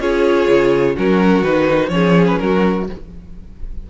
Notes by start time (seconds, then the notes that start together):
0.00 C#4 F4 G#4 C#5
0.49 C#3
0.95 F#3 C#4 F#4 A#4
1.42 D#3 D#4 B4
1.89 F3 C#4 G#4 C#5
2.27 B4
2.39 F#3 F#4 A#4